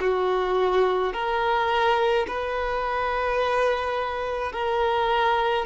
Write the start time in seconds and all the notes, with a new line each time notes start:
0.00 F#4
1.13 A#4
2.27 B4
4.52 A#4